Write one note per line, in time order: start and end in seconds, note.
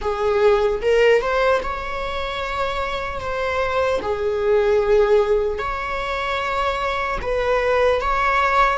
0.01 0.81 G#4
0.81 1.21 A#4
1.21 1.61 C5
1.63 3.20 C#5
3.20 4.00 C5
4.02 5.58 G#4
5.58 7.18 C#5
7.21 8.01 B4
8.01 8.77 C#5